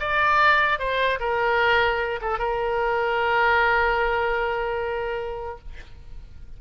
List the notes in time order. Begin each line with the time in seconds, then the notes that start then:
0.00 D5
0.79 C5
1.20 A#4
2.21 A4
2.38 A#4